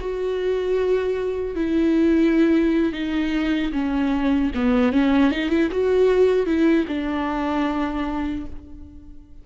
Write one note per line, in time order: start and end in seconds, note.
0.00 1.55 F#4
1.55 2.92 E4
2.92 3.71 D#4
3.72 4.51 C#4
4.55 4.92 B3
4.92 5.31 C#4
5.31 5.49 D#4
5.49 5.69 E4
5.71 6.46 F#4
6.46 6.85 E4
6.88 8.45 D4